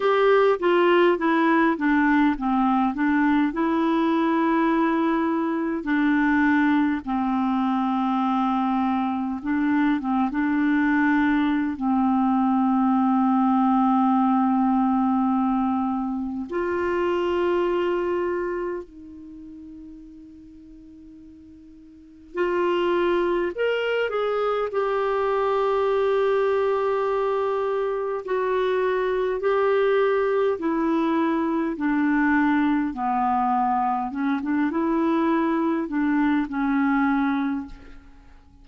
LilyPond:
\new Staff \with { instrumentName = "clarinet" } { \time 4/4 \tempo 4 = 51 g'8 f'8 e'8 d'8 c'8 d'8 e'4~ | e'4 d'4 c'2 | d'8 c'16 d'4~ d'16 c'2~ | c'2 f'2 |
dis'2. f'4 | ais'8 gis'8 g'2. | fis'4 g'4 e'4 d'4 | b4 cis'16 d'16 e'4 d'8 cis'4 | }